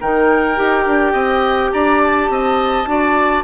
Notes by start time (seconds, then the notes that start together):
0.00 D#3 D#4 A#4 G5
0.56 D#4 G4
0.86 D4
1.12 C4 D#5
1.72 D4 D5 A#5
2.03 A5
2.30 C4 D#5
2.86 D4 F#4 D5